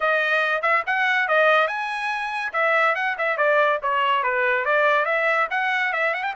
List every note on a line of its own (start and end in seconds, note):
0.00 0.62 D#5
0.62 0.83 E5
0.86 1.28 F#5
1.28 1.67 D#5
1.67 2.52 G#5
2.52 2.95 E5
2.95 3.16 F#5
3.18 3.37 E5
3.37 3.79 D5
3.82 4.23 C#5
4.23 4.65 B4
4.65 5.05 D5
5.05 5.47 E5
5.50 5.93 F#5
5.93 6.14 E5
6.14 6.23 F#5
6.23 6.33 G5